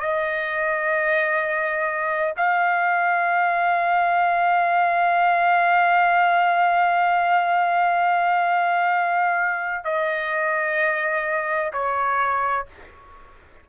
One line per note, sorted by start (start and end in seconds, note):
0.00 2.34 D#5
2.37 9.85 F5
9.85 11.72 D#5
11.73 12.66 C#5